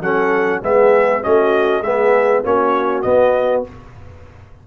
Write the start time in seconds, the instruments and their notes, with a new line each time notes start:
0.00 tuba F#3, trombone C#4, horn A4, trumpet F#5
0.61 tuba G#3, trombone B3, horn G#4, trumpet E5
1.23 tuba A3, trombone C#4, horn F#4, trumpet D#5
1.81 tuba G#3, trombone B3, horn G#4, trumpet E5
2.44 tuba A#3, trombone C#4, horn F#4, trumpet C#5
3.02 trombone B3, tuba B3, trumpet D#5